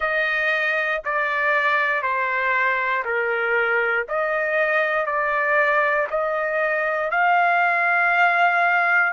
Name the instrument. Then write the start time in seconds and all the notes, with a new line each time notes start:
trumpet
0.00 D#5
1.04 D5
2.02 C5
3.05 A#4
4.08 D#5
5.06 D5
6.10 D#5
7.10 F5